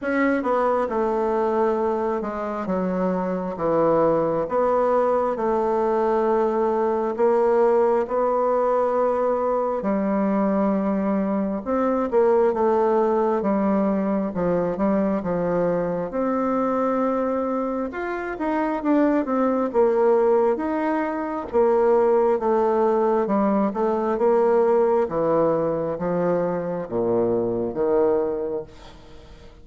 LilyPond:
\new Staff \with { instrumentName = "bassoon" } { \time 4/4 \tempo 4 = 67 cis'8 b8 a4. gis8 fis4 | e4 b4 a2 | ais4 b2 g4~ | g4 c'8 ais8 a4 g4 |
f8 g8 f4 c'2 | f'8 dis'8 d'8 c'8 ais4 dis'4 | ais4 a4 g8 a8 ais4 | e4 f4 ais,4 dis4 | }